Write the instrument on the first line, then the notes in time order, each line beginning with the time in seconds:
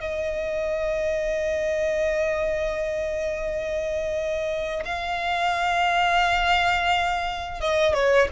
violin
0.00 D#5
4.85 F5
7.60 D#5
7.93 C#5